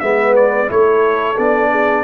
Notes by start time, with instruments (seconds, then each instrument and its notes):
0.00 tuba G#3, trombone B3, horn B4, trumpet E5
0.36 trumpet D5
0.67 tuba A3, trombone E4, horn A4, trumpet C#5
1.38 tuba B3, trombone D4, trumpet D5
1.71 horn G#4